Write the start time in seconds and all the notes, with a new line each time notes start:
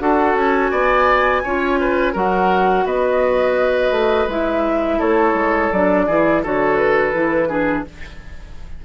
0.00 D4 F#4 A4 F#5
0.34 C#4 G#5
0.71 B3 D5
1.44 C#4 F4 C#5
1.80 B4
2.13 F#3 F#4 A#4 F#5
2.85 B3 B4 D#5
3.91 A3
4.27 G#3 E4 E5
4.99 A3 A4 C#5
5.34 G#3
5.72 F#3 D4 D5
6.06 E3 E4 G#4
6.43 D3 F#4 A4 C#5
6.77 B4
7.14 E3 E4
7.49 D4 G#4